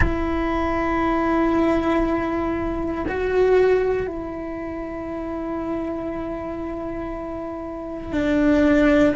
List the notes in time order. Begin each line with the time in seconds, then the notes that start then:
0.00 E4
3.07 F#4
4.07 E4
8.12 D4